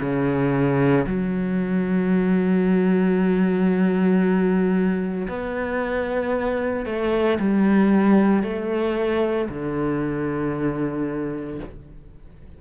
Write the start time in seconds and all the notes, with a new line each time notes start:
0.00 C#3
1.06 F#3
5.27 B3
6.85 A3
7.39 G3
8.43 A3
9.48 D3